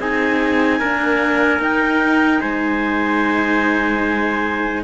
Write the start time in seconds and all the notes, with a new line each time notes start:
0.00 C4 D#4 G#4 G#5
0.80 A#3 D4 A#4
1.60 D#4 G5
2.41 G#3 C5 G#5